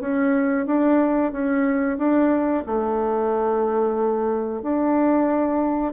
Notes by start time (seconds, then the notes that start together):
0.00 C#4
0.66 D4
1.32 C#4
1.98 D4
2.66 A3
4.62 D4